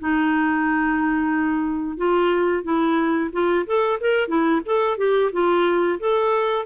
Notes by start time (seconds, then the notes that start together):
0.00 D#4
1.98 F4
2.64 E4
3.33 F4
3.67 A4
4.01 A#4
4.28 E4
4.66 A4
4.98 G4
5.33 F4
6.00 A4